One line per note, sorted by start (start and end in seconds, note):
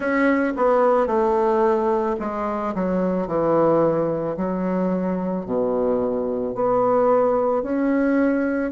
0.00 0.53 C#4
0.56 1.07 B3
1.07 2.16 A3
2.19 2.74 G#3
2.74 3.27 F#3
3.27 4.36 E3
4.36 5.45 F#3
5.45 6.55 B2
6.55 7.63 B3
7.63 8.71 C#4